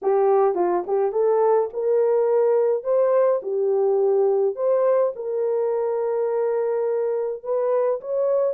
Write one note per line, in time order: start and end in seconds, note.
0.02 0.55 G4
0.55 0.83 F4
0.86 1.12 G4
1.12 1.69 A4
1.73 2.83 A#4
2.83 3.40 C5
3.42 4.55 G4
4.55 5.12 C5
5.15 7.43 A#4
7.43 8.00 B4
8.00 8.54 C#5